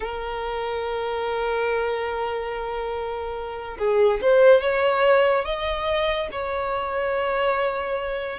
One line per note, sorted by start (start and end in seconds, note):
0.00 3.77 A#4
3.78 4.20 G#4
4.21 4.61 C5
4.61 5.44 C#5
5.44 6.28 D#5
6.31 8.39 C#5